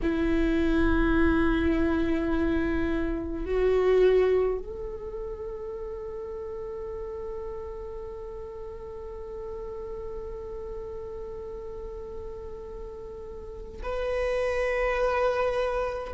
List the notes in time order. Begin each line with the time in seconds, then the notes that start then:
0.02 E4
3.45 F#4
4.58 A4
13.83 B4